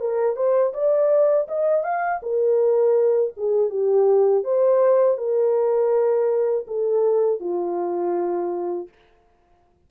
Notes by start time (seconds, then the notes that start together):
0.00 A#4
0.36 C5
0.73 D5
1.48 D#5
1.83 F5
2.22 A#4
3.37 G#4
3.70 G4
4.44 C5
5.17 A#4
6.67 A4
7.40 F4